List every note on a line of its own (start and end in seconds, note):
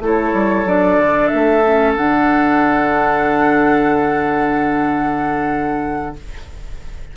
0.00 0.32 A3
0.00 0.66 E4
0.00 6.16 A4
0.07 0.68 C#5
0.33 0.65 G3
0.65 0.97 F#3
0.65 1.63 D4
0.65 1.28 D5
0.98 1.30 D3
1.28 1.97 A3
1.28 1.92 E5
1.65 1.97 C#4
1.97 6.17 D3
1.97 6.16 D4
1.97 6.16 F#5